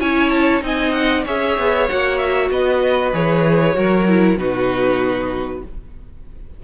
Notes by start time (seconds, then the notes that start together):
0.00 C#4 E4 C#5 G#5
0.29 A5
0.61 C4 D#4 D#5 G#5
0.92 F#5
1.24 C#4 G#4 C#5 E5
1.58 B3
1.88 A#3 F#4 F#5
2.17 E5
2.50 B3 B4 D#5
3.13 E3 G#4 C#5
3.74 F#3 F#4 A#4
4.08 E4
4.37 B2 D#4 F#4 B4